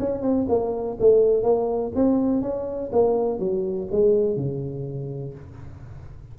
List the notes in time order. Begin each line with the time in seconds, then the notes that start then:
0.00 C#4
0.22 C4
0.49 A#3
1.00 A3
1.43 A#3
1.95 C4
2.42 C#4
2.93 A#3
3.39 F#3
3.92 G#3
4.37 C#3